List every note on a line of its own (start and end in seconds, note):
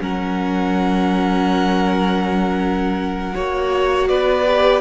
0.00 3.35 F#3
0.00 3.33 C#4
0.00 3.35 A#4
0.00 4.08 F#5
3.33 4.10 A#3
3.33 4.45 F#4
3.33 4.09 C#5
4.08 4.81 B3
4.08 4.81 B4
4.08 4.81 D5
4.46 4.81 G4